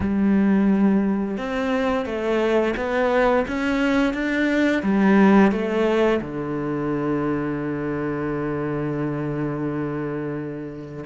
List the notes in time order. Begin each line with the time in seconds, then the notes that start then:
0.00 G3
1.37 C4
2.05 A3
2.76 B3
3.47 C#4
4.13 D4
4.82 G3
5.51 A3
6.21 D3